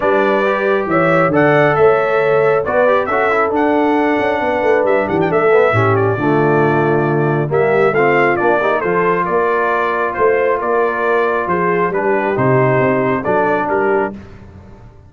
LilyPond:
<<
  \new Staff \with { instrumentName = "trumpet" } { \time 4/4 \tempo 4 = 136 d''2 e''4 fis''4 | e''2 d''4 e''4 | fis''2. e''8 fis''16 g''16 | e''4. d''2~ d''8~ |
d''4 e''4 f''4 d''4 | c''4 d''2 c''4 | d''2 c''4 b'4 | c''2 d''4 ais'4 | }
  \new Staff \with { instrumentName = "horn" } { \time 4/4 b'2 cis''4 d''4 | cis''2 b'4 a'4~ | a'2 b'4. g'8 | a'4 g'4 f'2~ |
f'4 g'4 f'4. g'16 ais'16 | a'4 ais'2 c''4 | ais'2 gis'4 g'4~ | g'2 a'4 g'4 | }
  \new Staff \with { instrumentName = "trombone" } { \time 4/4 d'4 g'2 a'4~ | a'2 fis'8 g'8 fis'8 e'8 | d'1~ | d'8 b8 cis'4 a2~ |
a4 ais4 c'4 d'8 dis'8 | f'1~ | f'2. d'4 | dis'2 d'2 | }
  \new Staff \with { instrumentName = "tuba" } { \time 4/4 g2 e4 d4 | a2 b4 cis'4 | d'4. cis'8 b8 a8 g8 e8 | a4 a,4 d2~ |
d4 g4 a4 ais4 | f4 ais2 a4 | ais2 f4 g4 | c4 c'4 fis4 g4 | }
>>